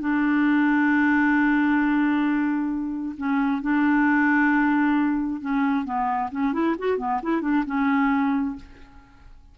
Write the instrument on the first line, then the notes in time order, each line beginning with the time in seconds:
clarinet
0.00 D4
3.17 C#4
3.62 D4
5.41 C#4
5.85 B3
6.31 C#4
6.53 E4
6.79 F#4
6.98 B3
7.23 E4
7.41 D4
7.66 C#4